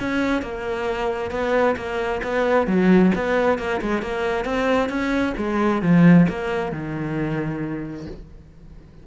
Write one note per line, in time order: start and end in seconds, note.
0.00 0.43 C#4
0.43 1.31 A#3
1.31 1.76 B3
1.76 2.21 A#3
2.24 2.67 B3
2.67 3.12 F#3
3.15 3.59 B3
3.59 3.81 A#3
3.82 4.02 G#3
4.02 4.45 A#3
4.45 4.89 C4
4.89 5.34 C#4
5.38 5.82 G#3
5.82 6.27 F3
6.29 6.72 A#3
6.72 8.07 D#3